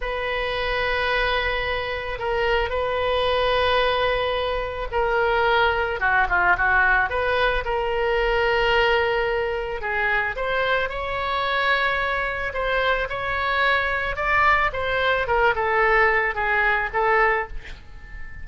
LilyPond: \new Staff \with { instrumentName = "oboe" } { \time 4/4 \tempo 4 = 110 b'1 | ais'4 b'2.~ | b'4 ais'2 fis'8 f'8 | fis'4 b'4 ais'2~ |
ais'2 gis'4 c''4 | cis''2. c''4 | cis''2 d''4 c''4 | ais'8 a'4. gis'4 a'4 | }